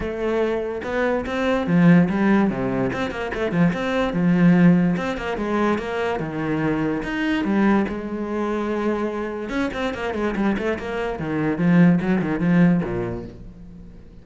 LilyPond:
\new Staff \with { instrumentName = "cello" } { \time 4/4 \tempo 4 = 145 a2 b4 c'4 | f4 g4 c4 c'8 ais8 | a8 f8 c'4 f2 | c'8 ais8 gis4 ais4 dis4~ |
dis4 dis'4 g4 gis4~ | gis2. cis'8 c'8 | ais8 gis8 g8 a8 ais4 dis4 | f4 fis8 dis8 f4 ais,4 | }